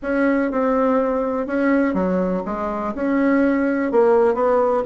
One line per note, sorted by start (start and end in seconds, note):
0.02 0.51 C#4
0.51 1.46 C4
1.46 1.94 C#4
1.94 2.42 F#3
2.45 2.94 G#3
2.94 3.91 C#4
3.91 4.34 A#3
4.34 4.83 B3